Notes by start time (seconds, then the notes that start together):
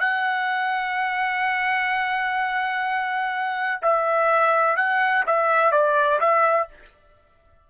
0.00 F#5
3.82 E5
4.76 F#5
5.26 E5
5.72 D5
6.20 E5